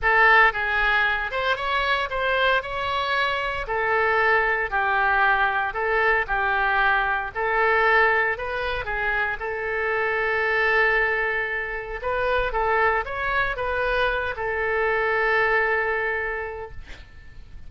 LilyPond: \new Staff \with { instrumentName = "oboe" } { \time 4/4 \tempo 4 = 115 a'4 gis'4. c''8 cis''4 | c''4 cis''2 a'4~ | a'4 g'2 a'4 | g'2 a'2 |
b'4 gis'4 a'2~ | a'2. b'4 | a'4 cis''4 b'4. a'8~ | a'1 | }